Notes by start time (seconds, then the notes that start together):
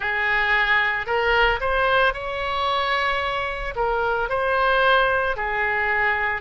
0.00 G#4
1.06 A#4
1.60 C5
2.13 C#5
3.75 A#4
4.29 C5
5.36 G#4